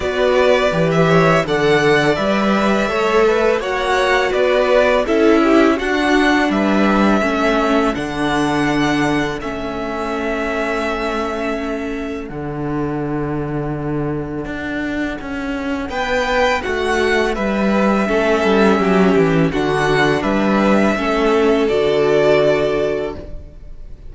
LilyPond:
<<
  \new Staff \with { instrumentName = "violin" } { \time 4/4 \tempo 4 = 83 d''4~ d''16 e''8. fis''4 e''4~ | e''4 fis''4 d''4 e''4 | fis''4 e''2 fis''4~ | fis''4 e''2.~ |
e''4 fis''2.~ | fis''2 g''4 fis''4 | e''2. fis''4 | e''2 d''2 | }
  \new Staff \with { instrumentName = "violin" } { \time 4/4 b'4. cis''8 d''2 | cis''8 b'8 cis''4 b'4 a'8 g'8 | fis'4 b'4 a'2~ | a'1~ |
a'1~ | a'2 b'4 fis'4 | b'4 a'4 g'4 fis'4 | b'4 a'2. | }
  \new Staff \with { instrumentName = "viola" } { \time 4/4 fis'4 g'4 a'4 b'4 | a'4 fis'2 e'4 | d'2 cis'4 d'4~ | d'4 cis'2.~ |
cis'4 d'2.~ | d'1~ | d'4 cis'2 d'4~ | d'4 cis'4 fis'2 | }
  \new Staff \with { instrumentName = "cello" } { \time 4/4 b4 e4 d4 g4 | a4 ais4 b4 cis'4 | d'4 g4 a4 d4~ | d4 a2.~ |
a4 d2. | d'4 cis'4 b4 a4 | g4 a8 g8 fis8 e8 d4 | g4 a4 d2 | }
>>